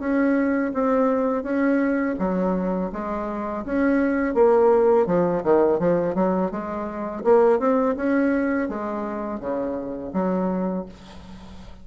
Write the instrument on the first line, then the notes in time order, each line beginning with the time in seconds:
bassoon
0.00 C#4
0.74 C4
1.43 C#4
2.19 F#3
2.93 G#3
3.66 C#4
4.35 A#3
5.07 F3
5.44 D#3
5.80 F3
6.15 F#3
6.52 G#3
7.25 A#3
7.60 C4
7.97 C#4
8.69 G#3
9.40 C#3
10.14 F#3